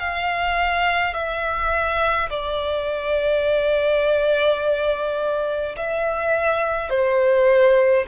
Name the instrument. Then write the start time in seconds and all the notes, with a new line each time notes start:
violin
0.00 F5
1.14 E5
2.30 D5
5.77 E5
6.90 C5